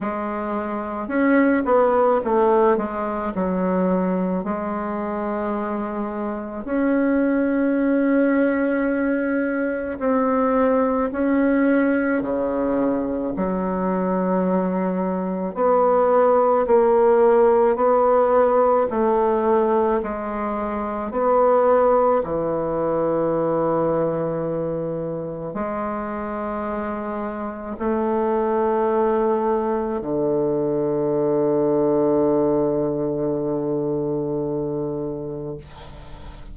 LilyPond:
\new Staff \with { instrumentName = "bassoon" } { \time 4/4 \tempo 4 = 54 gis4 cis'8 b8 a8 gis8 fis4 | gis2 cis'2~ | cis'4 c'4 cis'4 cis4 | fis2 b4 ais4 |
b4 a4 gis4 b4 | e2. gis4~ | gis4 a2 d4~ | d1 | }